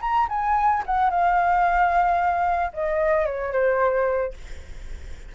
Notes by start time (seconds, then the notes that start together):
0.00 A#5
0.29 G#5
0.86 F#5
1.10 F5
2.73 D#5
3.25 C#5
3.52 C5